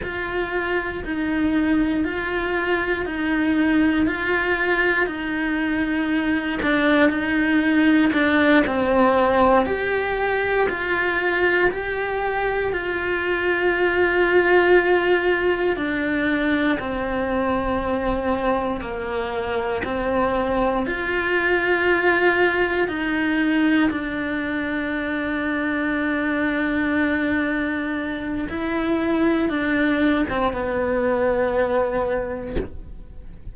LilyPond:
\new Staff \with { instrumentName = "cello" } { \time 4/4 \tempo 4 = 59 f'4 dis'4 f'4 dis'4 | f'4 dis'4. d'8 dis'4 | d'8 c'4 g'4 f'4 g'8~ | g'8 f'2. d'8~ |
d'8 c'2 ais4 c'8~ | c'8 f'2 dis'4 d'8~ | d'1 | e'4 d'8. c'16 b2 | }